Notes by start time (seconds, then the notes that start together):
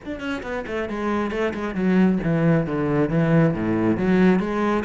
0.05 D4
0.20 C#4
0.43 B3
0.67 A3
0.89 G#3
1.31 A3
1.54 G#3
1.74 F#3
2.23 E3
2.66 D3
3.09 E3
3.54 A2
3.97 F#3
4.39 G#3